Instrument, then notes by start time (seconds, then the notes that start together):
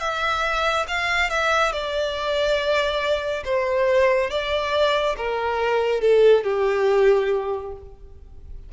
violin
0.00 E5
0.88 F5
1.30 E5
1.72 D5
3.44 C5
4.30 D5
5.17 A#4
6.01 A4
6.44 G4